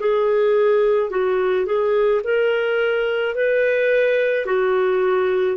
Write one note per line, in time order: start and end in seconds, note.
0.00 1.10 G#4
1.10 1.66 F#4
1.66 2.22 G#4
2.24 3.35 A#4
3.35 4.46 B4
4.46 5.57 F#4